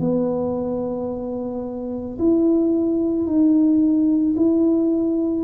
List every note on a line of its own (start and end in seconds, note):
0.00 2.18 B3
2.19 3.26 E4
3.26 4.35 D#4
4.36 5.44 E4